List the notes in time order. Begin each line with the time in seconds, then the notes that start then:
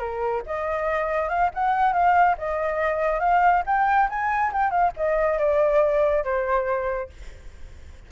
0.00 A#4
0.47 D#5
1.29 F5
1.55 F#5
1.93 F5
2.38 D#5
3.20 F5
3.67 G5
4.10 G#5
4.53 G5
4.71 F5
4.97 D#5
5.39 D5
6.25 C5